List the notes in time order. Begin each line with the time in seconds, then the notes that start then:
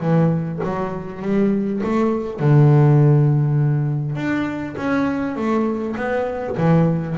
0.00 E3
0.63 F#3
1.22 G3
1.83 A3
2.40 D3
4.16 D4
4.77 C#4
5.36 A3
5.96 B3
6.57 E3